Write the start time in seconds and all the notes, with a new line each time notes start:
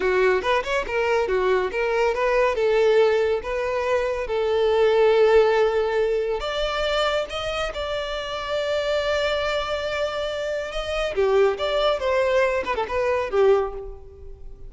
0.00 F#4
0.41 B4
0.63 C#5
0.87 A#4
1.28 F#4
1.71 A#4
2.14 B4
2.55 A4
3.42 B4
4.27 A4
6.40 D5
7.29 D#5
7.74 D5
10.71 D#5
11.14 G4
11.58 D5
11.99 C5
12.64 B4
12.75 A4
12.88 B4
13.30 G4